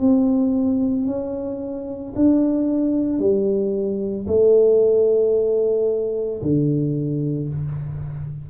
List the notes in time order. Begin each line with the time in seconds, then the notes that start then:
0.00 C4
1.07 C#4
2.16 D4
3.19 G3
4.28 A3
6.42 D3